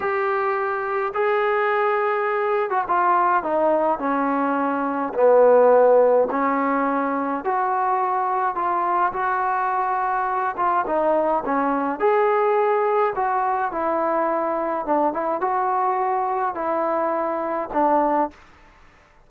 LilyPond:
\new Staff \with { instrumentName = "trombone" } { \time 4/4 \tempo 4 = 105 g'2 gis'2~ | gis'8. fis'16 f'4 dis'4 cis'4~ | cis'4 b2 cis'4~ | cis'4 fis'2 f'4 |
fis'2~ fis'8 f'8 dis'4 | cis'4 gis'2 fis'4 | e'2 d'8 e'8 fis'4~ | fis'4 e'2 d'4 | }